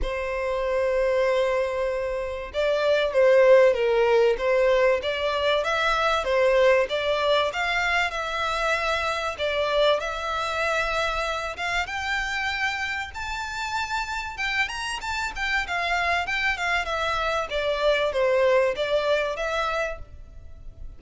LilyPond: \new Staff \with { instrumentName = "violin" } { \time 4/4 \tempo 4 = 96 c''1 | d''4 c''4 ais'4 c''4 | d''4 e''4 c''4 d''4 | f''4 e''2 d''4 |
e''2~ e''8 f''8 g''4~ | g''4 a''2 g''8 ais''8 | a''8 g''8 f''4 g''8 f''8 e''4 | d''4 c''4 d''4 e''4 | }